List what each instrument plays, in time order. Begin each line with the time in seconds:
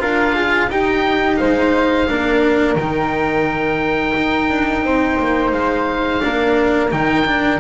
0.00 double bass D4, cello F4, flute A#4, oboe F5
0.34 flute G#4
0.69 double bass D#4, cello D#4, flute G4, oboe G5
1.37 double bass G#3, flute C5, oboe F5
2.08 double bass A#3, cello D4, flute A#4
2.75 double bass D#3, cello D#4, oboe G5
4.17 double bass D#4
4.50 double bass D4
4.83 double bass C4, flute C5
5.19 double bass A#3
5.52 double bass G#3, oboe F5
6.21 double bass A#3, cello D4, flute A#4
6.91 double bass D#3, cello D#4, oboe G5
7.26 cello D4